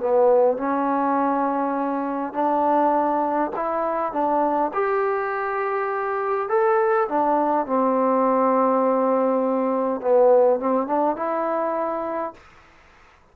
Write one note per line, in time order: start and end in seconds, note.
0.00 0.57 B3
0.57 2.34 C#4
2.34 3.51 D4
3.56 4.13 E4
4.13 4.71 D4
4.74 6.49 G4
6.49 7.08 A4
7.09 7.66 D4
7.66 10.01 C4
10.01 10.60 B3
10.60 10.87 C4
10.87 11.16 D4
11.16 12.34 E4